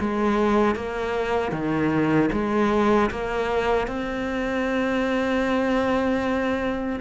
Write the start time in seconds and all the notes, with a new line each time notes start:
0.00 G#3
0.75 A#3
1.52 D#3
2.32 G#3
3.11 A#3
3.88 C4